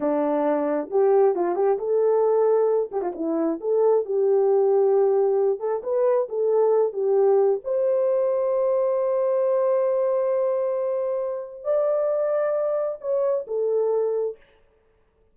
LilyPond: \new Staff \with { instrumentName = "horn" } { \time 4/4 \tempo 4 = 134 d'2 g'4 f'8 g'8 | a'2~ a'8 g'16 f'16 e'4 | a'4 g'2.~ | g'8 a'8 b'4 a'4. g'8~ |
g'4 c''2.~ | c''1~ | c''2 d''2~ | d''4 cis''4 a'2 | }